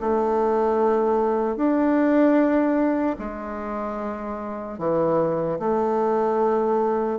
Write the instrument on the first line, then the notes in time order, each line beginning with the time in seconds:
bassoon
0.00 A3
1.56 D4
3.19 G#3
4.78 E3
5.59 A3